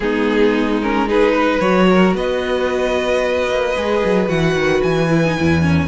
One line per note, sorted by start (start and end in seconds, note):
0.00 1.59 G#3
0.00 0.82 B3
0.00 1.07 D#4
0.00 0.79 G#4
0.82 1.07 C#4
0.82 1.08 A#4
1.07 1.60 D#4
1.07 1.32 G#4
1.07 1.60 B4
1.32 1.86 B4
1.60 2.14 F#3
1.60 3.75 F#4
1.60 2.13 C#5
1.90 2.16 A#4
2.14 3.48 B3
2.14 5.64 B4
2.14 4.28 D#5
3.49 3.75 A#3
3.76 4.03 G#3
3.76 4.27 G#4
4.04 4.29 F#3
4.27 4.54 E3
4.27 5.08 F#4
4.27 4.81 F#5
4.54 4.81 D#3
4.82 5.37 E3
4.82 5.88 G#5
5.10 5.23 E4
5.25 5.37 D#4
5.37 5.88 E2
5.37 5.61 E4
5.61 5.87 C#4
5.61 5.88 A#4